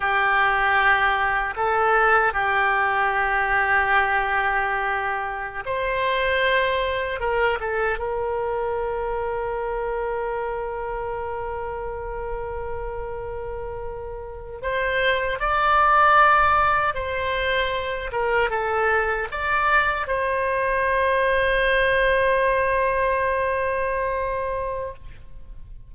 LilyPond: \new Staff \with { instrumentName = "oboe" } { \time 4/4 \tempo 4 = 77 g'2 a'4 g'4~ | g'2.~ g'16 c''8.~ | c''4~ c''16 ais'8 a'8 ais'4.~ ais'16~ | ais'1~ |
ais'2~ ais'8. c''4 d''16~ | d''4.~ d''16 c''4. ais'8 a'16~ | a'8. d''4 c''2~ c''16~ | c''1 | }